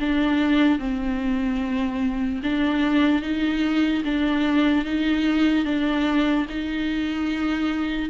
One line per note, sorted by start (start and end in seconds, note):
0.00 0.79 D4
0.79 2.41 C4
2.43 3.22 D4
3.22 4.03 D#4
4.05 4.85 D4
4.85 5.65 D#4
5.65 6.46 D4
6.49 8.10 D#4